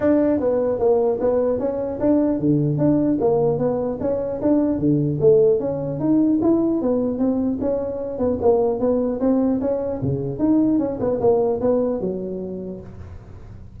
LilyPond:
\new Staff \with { instrumentName = "tuba" } { \time 4/4 \tempo 4 = 150 d'4 b4 ais4 b4 | cis'4 d'4 d4 d'4 | ais4 b4 cis'4 d'4 | d4 a4 cis'4 dis'4 |
e'4 b4 c'4 cis'4~ | cis'8 b8 ais4 b4 c'4 | cis'4 cis4 dis'4 cis'8 b8 | ais4 b4 fis2 | }